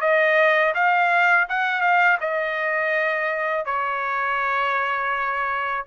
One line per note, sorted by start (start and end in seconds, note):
0.00 0.73 D#5
0.74 1.47 F5
1.49 1.81 F#5
1.81 2.17 F5
2.20 3.65 D#5
3.65 5.84 C#5